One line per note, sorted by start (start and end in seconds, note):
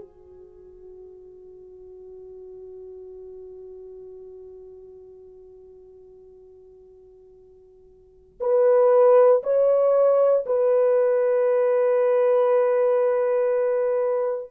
0.00 8.39 F#4
8.40 9.42 B4
9.43 10.45 C#5
10.46 14.51 B4